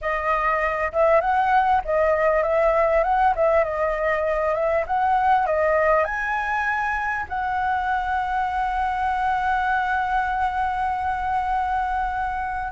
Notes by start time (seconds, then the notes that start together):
0.01 D#5
0.92 E5
1.21 F#5
1.84 D#5
2.42 E5
3.03 F#5
3.35 E5
3.64 D#5
4.54 E5
4.86 F#5
5.46 D#5
6.04 G#5
7.29 F#5